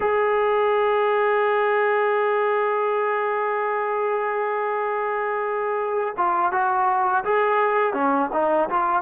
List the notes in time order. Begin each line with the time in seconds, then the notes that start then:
0.00 G#4
6.17 F4
6.52 F#4
7.24 G#4
7.93 C#4
8.33 D#4
8.69 F4